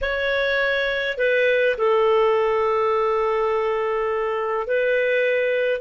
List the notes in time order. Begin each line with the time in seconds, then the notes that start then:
0.01 C#5
1.17 B4
1.77 A4
4.66 B4